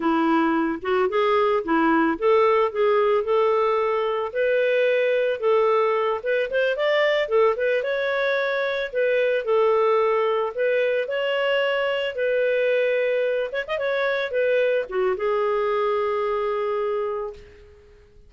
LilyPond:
\new Staff \with { instrumentName = "clarinet" } { \time 4/4 \tempo 4 = 111 e'4. fis'8 gis'4 e'4 | a'4 gis'4 a'2 | b'2 a'4. b'8 | c''8 d''4 a'8 b'8 cis''4.~ |
cis''8 b'4 a'2 b'8~ | b'8 cis''2 b'4.~ | b'4 cis''16 dis''16 cis''4 b'4 fis'8 | gis'1 | }